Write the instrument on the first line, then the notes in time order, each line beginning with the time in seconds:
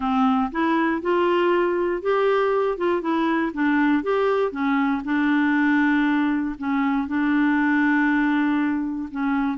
clarinet
0.00 C4
0.51 E4
1.01 F4
2.02 G4
2.77 F4
3.01 E4
3.53 D4
4.03 G4
4.51 C#4
5.04 D4
6.58 C#4
7.07 D4
9.11 C#4